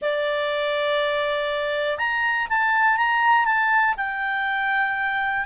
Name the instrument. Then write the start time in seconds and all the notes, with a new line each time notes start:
clarinet
0.01 D5
1.97 A#5
2.49 A5
2.97 A#5
3.45 A5
3.97 G5